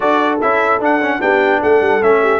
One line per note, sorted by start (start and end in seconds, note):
0.00 0.41 D4
0.00 0.39 F#4
0.00 1.19 A4
0.00 0.38 D5
0.41 0.80 C#4
0.41 0.80 E4
0.41 0.81 E5
0.80 1.20 D4
0.80 1.00 D4
0.80 1.21 F#5
1.01 1.20 C#4
1.20 1.62 B3
1.20 2.00 D4
1.20 1.60 G4
1.20 1.61 G5
1.60 1.81 A3
1.60 2.21 A4
1.60 2.02 F#5
1.81 2.01 G3
2.01 2.39 A3
2.01 2.39 C#4
2.01 2.39 E5
2.21 2.39 G4